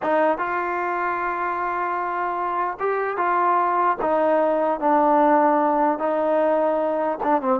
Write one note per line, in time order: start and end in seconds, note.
0.02 0.38 D#4
0.38 2.78 F4
2.79 3.17 G4
3.17 3.97 F4
4.01 4.80 D#4
4.80 5.99 D4
5.99 7.19 D#4
7.23 7.41 D4
7.41 7.60 C4